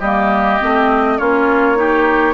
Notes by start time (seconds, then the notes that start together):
0.00 G3 A#3 G4 D#5
0.61 A3 C4
1.18 A#3 C#4 F4 C#5
1.76 D#4 G4